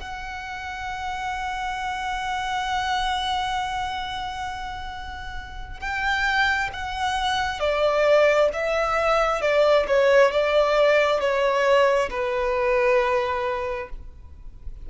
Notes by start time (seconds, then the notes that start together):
0.00 F#5
5.80 G5
6.73 F#5
7.60 D5
8.53 E5
9.42 D5
9.88 C#5
10.31 D5
11.20 C#5
12.10 B4